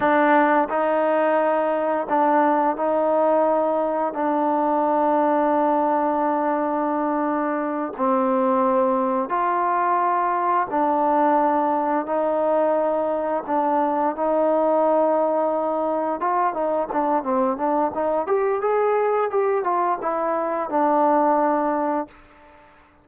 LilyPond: \new Staff \with { instrumentName = "trombone" } { \time 4/4 \tempo 4 = 87 d'4 dis'2 d'4 | dis'2 d'2~ | d'2.~ d'8 c'8~ | c'4. f'2 d'8~ |
d'4. dis'2 d'8~ | d'8 dis'2. f'8 | dis'8 d'8 c'8 d'8 dis'8 g'8 gis'4 | g'8 f'8 e'4 d'2 | }